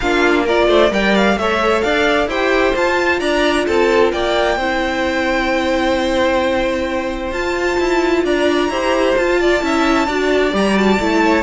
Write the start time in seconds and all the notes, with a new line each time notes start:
0.00 A#3 D4 F4 F5
0.43 F4 A#4 D5
0.67 A3 C5
0.89 G3 A#4 D5 G5
1.15 F5
1.37 A3 A4 C#5 E5
1.81 D4 D5 F5
2.27 E4 G4 C5 G5
2.76 F4 A5
3.19 D4 D5 A#5
3.66 C4 A4 A5
4.12 A#3 D5 G5
4.56 C4 E4 C5
7.31 F4 A5
7.79 E4
8.24 D4 D5 A#5
8.69 E4 G4 C5
9.16 F4 A5
9.40 D5
9.61 C#4 E4 E5
10.06 D4 F#4 D5
10.51 G3 G4 A#5
10.74 F#4 A5
10.99 A3 E4
11.22 C#5